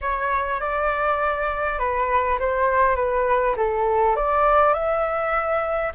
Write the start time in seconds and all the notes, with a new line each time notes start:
0.01 C#5
0.60 D5
1.78 B4
2.39 C5
2.95 B4
3.56 A4
4.16 D5
4.73 E5